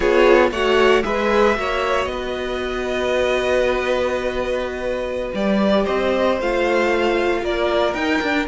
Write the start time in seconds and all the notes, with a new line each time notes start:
0.00 B3 F4 G#4 C#5
0.51 A3 F#4 C#5 F#5
1.02 G#3 G#4 B4 E5
1.56 A#3 F#4 C#5
2.05 B3 D#5
2.12 B4
5.34 G3 G4 D5
5.84 C4 C5 D#5
6.40 A3 F4 F5
7.43 A#3 A#4 D5
7.93 D#4 G5
8.22 D4